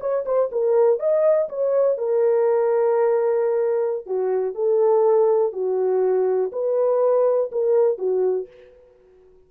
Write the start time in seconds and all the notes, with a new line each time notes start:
0.00 C#5
0.25 C5
0.51 A#4
0.99 D#5
1.49 C#5
1.97 A#4
4.06 F#4
4.54 A4
5.52 F#4
6.52 B4
7.52 A#4
7.98 F#4